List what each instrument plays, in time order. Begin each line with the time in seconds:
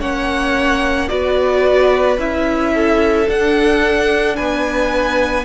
0.00 cello A#3, viola C#4, violin C#5 F#5
1.09 cello B3, viola F#4, violin B4 D5
2.18 cello C#4, viola E4, violin E5
2.75 violin A4
3.28 viola D4, cello D4, violin F#5
4.37 cello B3, violin B4 G#5